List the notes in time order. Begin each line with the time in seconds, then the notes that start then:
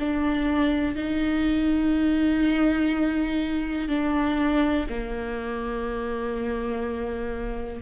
0.00 D4
0.96 D#4
3.89 D4
4.90 A#3